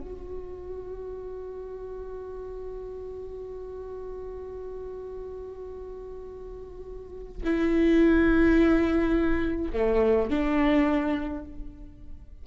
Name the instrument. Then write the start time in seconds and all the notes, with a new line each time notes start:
viola
0.00 F#4
7.43 E4
9.73 A3
10.30 D4